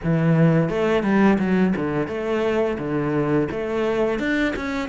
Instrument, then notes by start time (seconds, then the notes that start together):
cello
0.03 E3
0.69 A3
1.03 G3
1.39 F#3
1.76 D3
2.07 A3
2.78 D3
3.51 A3
4.19 D4
4.55 C#4